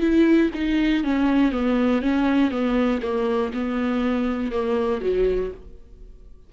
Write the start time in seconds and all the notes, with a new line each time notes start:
0.00 E4
0.54 D#4
1.04 C#4
1.52 B3
2.01 C#4
2.51 B3
3.02 A#3
3.53 B3
4.51 A#3
5.01 F#3